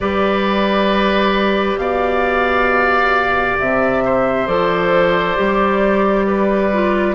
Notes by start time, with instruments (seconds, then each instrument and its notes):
0.00 bassoon G3, clarinet G4, oboe B4, flute D5
1.76 bassoon B2, oboe D5, flute F5
3.59 bassoon C3, flute E5
4.04 oboe C5
4.47 bassoon F3, clarinet A4, flute D5
5.36 bassoon G3, clarinet G4
6.26 oboe B4
6.72 clarinet F4